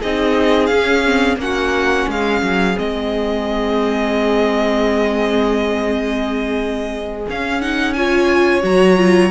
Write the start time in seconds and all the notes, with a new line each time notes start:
0.00 C4 D#4 G#4 D#5
0.66 C#4 F5
1.05 C4
1.37 A#3 C#4 F#4 F#5
2.07 G#3 G#4 F5
2.42 F#3
2.76 G#3 C4 D#5
7.28 C#4 F5
7.61 D#4 F#5
7.93 F4 C#5 G#5
8.62 F#3 F#4 A#5
8.96 F4